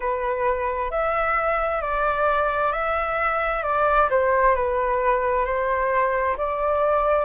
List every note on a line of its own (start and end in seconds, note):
0.00 0.90 B4
0.90 1.81 E5
1.81 2.72 D5
2.72 3.63 E5
3.63 4.08 D5
4.10 4.55 C5
4.55 5.45 B4
5.45 6.36 C5
6.37 7.25 D5